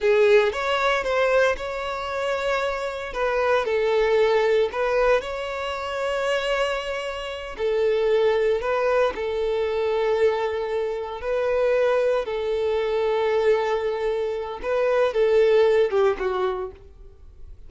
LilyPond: \new Staff \with { instrumentName = "violin" } { \time 4/4 \tempo 4 = 115 gis'4 cis''4 c''4 cis''4~ | cis''2 b'4 a'4~ | a'4 b'4 cis''2~ | cis''2~ cis''8 a'4.~ |
a'8 b'4 a'2~ a'8~ | a'4. b'2 a'8~ | a'1 | b'4 a'4. g'8 fis'4 | }